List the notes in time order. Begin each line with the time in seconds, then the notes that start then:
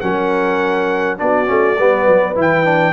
0.00 F#3 C#4 A#4 F#5
1.17 B3 D4 F#4 D5
1.45 A3 C#4
1.78 G3 B3 B4
2.07 F#3
2.35 E3 E4 G5
2.64 D4